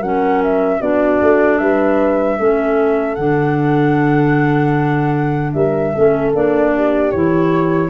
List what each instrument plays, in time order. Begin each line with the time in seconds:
0.00 tuba F#3, clarinet C#4, horn A#4, flute F#5
0.43 flute E5
0.81 tuba B3, clarinet D4, horn F#4, flute D5
1.21 tuba A3
1.58 tuba G3, horn B4, flute E5
2.38 tuba A3, clarinet C#4, horn A4
3.15 tuba D3, clarinet D4, flute F#5
5.52 tuba G3, horn A#4, flute E5
5.93 tuba A3, clarinet C#4, horn A4
6.34 tuba A#3, clarinet D4, flute D5
6.75 horn G4
7.11 tuba E3, clarinet E4, flute C#5